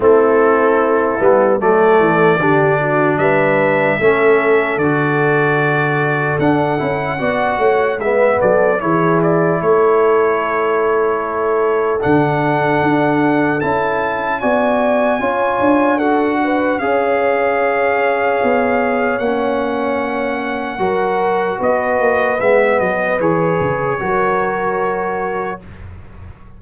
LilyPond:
<<
  \new Staff \with { instrumentName = "trumpet" } { \time 4/4 \tempo 4 = 75 a'2 d''2 | e''2 d''2 | fis''2 e''8 d''8 cis''8 d''8 | cis''2. fis''4~ |
fis''4 a''4 gis''2 | fis''4 f''2. | fis''2. dis''4 | e''8 dis''8 cis''2. | }
  \new Staff \with { instrumentName = "horn" } { \time 4/4 e'2 a'4 g'8 fis'8 | b'4 a'2.~ | a'4 d''8 cis''8 b'8 a'8 gis'4 | a'1~ |
a'2 d''4 cis''4 | a'8 b'8 cis''2.~ | cis''2 ais'4 b'4~ | b'2 ais'2 | }
  \new Staff \with { instrumentName = "trombone" } { \time 4/4 c'4. b8 a4 d'4~ | d'4 cis'4 fis'2 | d'8 e'8 fis'4 b4 e'4~ | e'2. d'4~ |
d'4 e'4 fis'4 f'4 | fis'4 gis'2. | cis'2 fis'2 | b4 gis'4 fis'2 | }
  \new Staff \with { instrumentName = "tuba" } { \time 4/4 a4. g8 fis8 e8 d4 | g4 a4 d2 | d'8 cis'8 b8 a8 gis8 fis8 e4 | a2. d4 |
d'4 cis'4 b4 cis'8 d'8~ | d'4 cis'2 b4 | ais2 fis4 b8 ais8 | gis8 fis8 e8 cis8 fis2 | }
>>